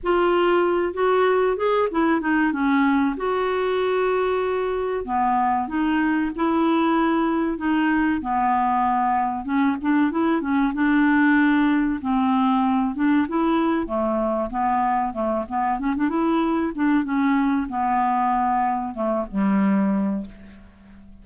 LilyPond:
\new Staff \with { instrumentName = "clarinet" } { \time 4/4 \tempo 4 = 95 f'4. fis'4 gis'8 e'8 dis'8 | cis'4 fis'2. | b4 dis'4 e'2 | dis'4 b2 cis'8 d'8 |
e'8 cis'8 d'2 c'4~ | c'8 d'8 e'4 a4 b4 | a8 b8 cis'16 d'16 e'4 d'8 cis'4 | b2 a8 g4. | }